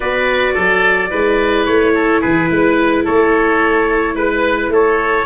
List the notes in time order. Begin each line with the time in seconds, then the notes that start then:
0.00 B3 F#4 B4 D5
0.53 F#3 A4
1.10 G#3 E4 B4
1.65 A3 C#5
1.94 A4
2.20 E3 G#4 B4
2.50 G#3 B4
3.04 A3 A4 C#5
4.14 G#3 B4
4.68 A3 A4 C#5